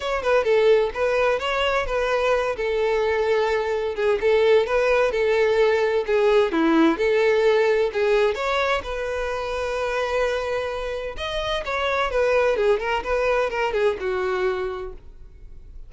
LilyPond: \new Staff \with { instrumentName = "violin" } { \time 4/4 \tempo 4 = 129 cis''8 b'8 a'4 b'4 cis''4 | b'4. a'2~ a'8~ | a'8 gis'8 a'4 b'4 a'4~ | a'4 gis'4 e'4 a'4~ |
a'4 gis'4 cis''4 b'4~ | b'1 | dis''4 cis''4 b'4 gis'8 ais'8 | b'4 ais'8 gis'8 fis'2 | }